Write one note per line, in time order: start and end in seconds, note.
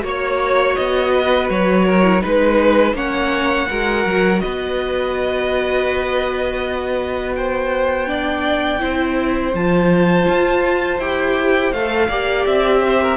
0.00 0.76 A#3
0.00 2.01 F#4
0.00 1.12 C#5
0.07 0.75 C#5
0.75 1.49 B3
0.75 1.48 D#5
1.12 1.85 B4
1.49 2.22 F#3
1.49 2.23 C#5
1.85 2.21 A#4
2.02 2.20 E4
2.20 2.93 G#3
2.20 2.94 D#4
2.20 2.94 B4
2.20 2.96 B4
2.93 3.66 A#3
2.93 3.68 C#4
2.93 3.68 C#5
2.93 4.40 F#5
3.69 4.05 G#3
3.69 8.06 F#4
3.69 4.42 A#4
4.05 4.42 F#3
4.40 8.81 B3
4.40 7.35 B4
4.40 7.33 D#5
7.35 8.09 C5
7.35 9.55 G5
8.06 8.79 D4
8.06 8.81 D5
8.79 9.54 C4
8.79 9.52 E4
8.79 12.07 C5
9.54 10.27 F3
9.54 11.01 F4
9.54 10.99 A5
10.28 10.98 F4
10.98 11.72 E4
10.98 11.74 G4
10.98 11.72 G5
11.72 12.08 A3
11.72 12.09 A4
11.72 12.46 F5
12.07 12.45 A#3
12.07 13.16 G4
12.07 12.81 D5
12.46 13.16 C4
12.46 13.16 E5
12.87 13.02 C5
13.02 13.16 A#4